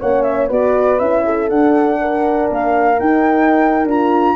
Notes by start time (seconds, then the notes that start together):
0.00 A#3 C#4 C#5 F#5
0.23 E5
0.48 B3 F#4 B4 D5
0.99 C#4 E4 E5
1.25 A4
1.49 D4 F#5
2.01 A#4
2.50 A#3 F5
2.99 D#4 G5
3.85 D4 F4 A#5